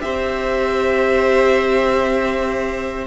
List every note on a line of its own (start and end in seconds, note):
0.00 3.07 C4
0.00 3.06 G4
0.00 3.07 C5
0.00 3.07 E5